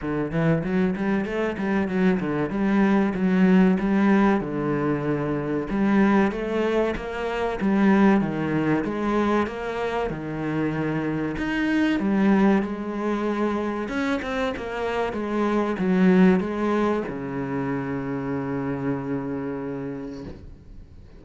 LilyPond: \new Staff \with { instrumentName = "cello" } { \time 4/4 \tempo 4 = 95 d8 e8 fis8 g8 a8 g8 fis8 d8 | g4 fis4 g4 d4~ | d4 g4 a4 ais4 | g4 dis4 gis4 ais4 |
dis2 dis'4 g4 | gis2 cis'8 c'8 ais4 | gis4 fis4 gis4 cis4~ | cis1 | }